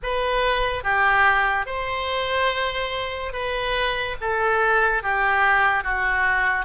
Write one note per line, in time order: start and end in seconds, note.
0.02 0.83 B4
0.83 1.66 G4
1.66 3.32 C5
3.33 4.16 B4
4.20 5.02 A4
5.02 5.83 G4
5.83 6.65 F#4